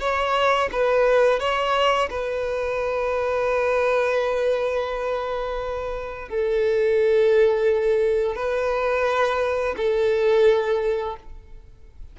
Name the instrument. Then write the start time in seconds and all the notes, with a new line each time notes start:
violin
0.00 C#5
0.73 B4
1.40 C#5
2.10 B4
6.29 A4
8.36 B4
9.77 A4